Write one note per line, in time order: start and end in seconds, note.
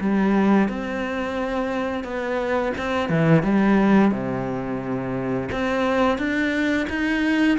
0.00 0.68 G3
0.68 2.04 C4
2.04 2.73 B3
2.78 3.09 C4
3.09 3.43 E3
3.43 4.11 G3
4.11 5.49 C3
5.52 6.18 C4
6.18 6.87 D4
6.89 7.58 D#4